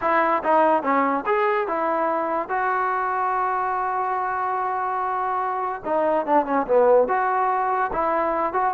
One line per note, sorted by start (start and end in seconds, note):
0.01 0.42 E4
0.43 0.82 D#4
0.82 1.24 C#4
1.26 1.67 G#4
1.67 2.48 E4
2.48 5.82 F#4
5.84 6.26 D#4
6.26 6.45 D4
6.45 6.66 C#4
6.67 7.08 B3
7.08 7.91 F#4
7.92 8.53 E4
8.53 8.73 F#4